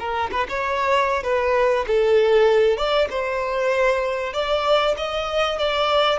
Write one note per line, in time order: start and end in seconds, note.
0.00 0.31 A#4
0.32 0.48 B4
0.49 1.24 C#5
1.24 1.86 B4
1.88 2.78 A4
2.78 3.09 D5
3.10 4.34 C5
4.34 4.96 D5
4.98 5.59 D#5
5.59 6.19 D5